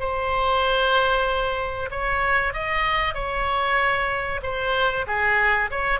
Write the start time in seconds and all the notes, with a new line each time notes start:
0.00 C5
1.91 C#5
2.53 D#5
3.14 C#5
4.43 C5
5.07 G#4
5.71 C#5